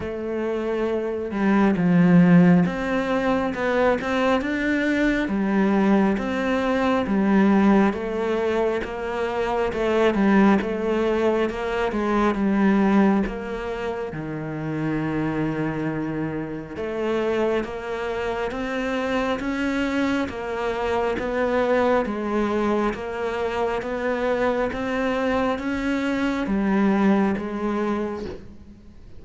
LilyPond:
\new Staff \with { instrumentName = "cello" } { \time 4/4 \tempo 4 = 68 a4. g8 f4 c'4 | b8 c'8 d'4 g4 c'4 | g4 a4 ais4 a8 g8 | a4 ais8 gis8 g4 ais4 |
dis2. a4 | ais4 c'4 cis'4 ais4 | b4 gis4 ais4 b4 | c'4 cis'4 g4 gis4 | }